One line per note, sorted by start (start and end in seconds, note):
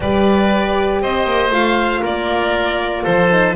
0.00 1.01 G3
0.00 1.51 G4
0.00 1.02 B4
0.00 1.01 D5
1.01 1.25 C4
1.01 2.01 C5
1.01 1.52 D#5
1.25 1.50 A#3
1.50 2.01 A3
1.50 3.29 F4
1.50 2.03 F5
2.01 3.04 A#3
2.01 3.03 A#4
2.01 3.04 D5
3.03 3.55 F3
3.03 3.54 A4
3.03 3.55 C5
3.31 3.55 D#4